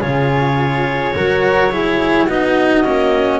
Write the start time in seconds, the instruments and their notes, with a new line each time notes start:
0.00 double bass C#3, cello F4, flute G#4, clarinet C#5
1.14 double bass F#3, cello F#4, flute A#4
1.71 cello E4, flute G#4
2.26 double bass B3, cello D#4, flute F#4, clarinet D#5
2.85 double bass A#3, cello C#4